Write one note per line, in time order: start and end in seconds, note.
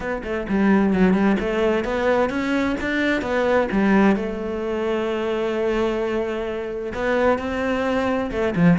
0.00 0.22 B3
0.23 0.46 A3
0.48 0.93 G3
0.93 1.13 F#3
1.13 1.36 G3
1.40 1.84 A3
1.84 2.29 B3
2.29 2.75 C#4
2.80 3.21 D4
3.21 3.67 B3
3.71 4.16 G3
4.16 6.93 A3
6.94 7.38 B3
7.38 8.30 C4
8.31 8.54 A3
8.55 8.78 F3